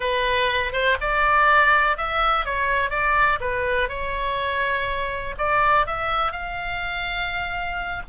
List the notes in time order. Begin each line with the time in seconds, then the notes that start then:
0.00 B4
0.72 C5
1.00 D5
1.97 E5
2.45 C#5
2.89 D5
3.40 B4
3.88 C#5
5.38 D5
5.86 E5
6.31 F5